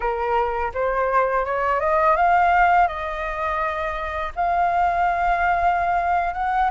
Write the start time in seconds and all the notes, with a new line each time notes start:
0.00 A#4
0.74 C5
1.45 C#5
1.80 D#5
2.16 F5
2.87 D#5
4.35 F5
6.33 F#5